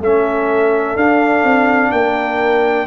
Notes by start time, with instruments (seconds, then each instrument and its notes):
0.00 tuba A3, trombone C#4, horn A4, trumpet E5
0.96 tuba D4, trombone D4, trumpet F5
1.43 tuba C4
1.91 tuba A#3, horn A#4, trumpet G5